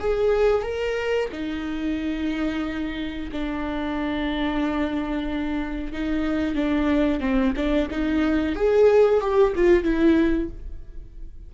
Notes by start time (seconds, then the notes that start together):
0.00 G#4
0.63 A#4
1.32 D#4
3.32 D4
5.93 D#4
6.55 D4
7.20 C4
7.56 D4
7.91 D#4
8.56 G#4
9.21 G4
9.56 F4
9.84 E4